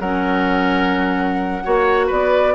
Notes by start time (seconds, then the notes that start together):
0.00 F#3 C#4 A#4 F#5
1.63 A#3 F#4 C#5
2.07 B3 B4 D5